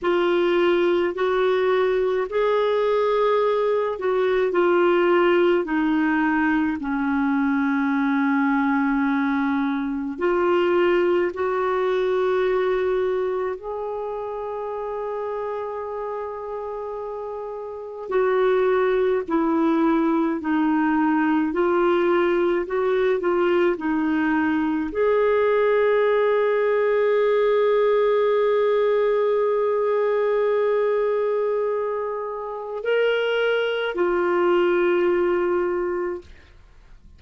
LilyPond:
\new Staff \with { instrumentName = "clarinet" } { \time 4/4 \tempo 4 = 53 f'4 fis'4 gis'4. fis'8 | f'4 dis'4 cis'2~ | cis'4 f'4 fis'2 | gis'1 |
fis'4 e'4 dis'4 f'4 | fis'8 f'8 dis'4 gis'2~ | gis'1~ | gis'4 ais'4 f'2 | }